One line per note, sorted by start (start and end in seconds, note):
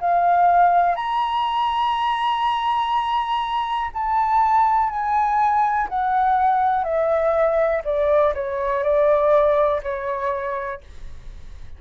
0.00 0.95 F5
0.95 3.90 A#5
3.93 4.90 A5
4.90 5.88 G#5
5.88 6.84 F#5
6.84 7.82 E5
7.84 8.33 D5
8.34 8.83 C#5
8.83 9.81 D5
9.82 10.81 C#5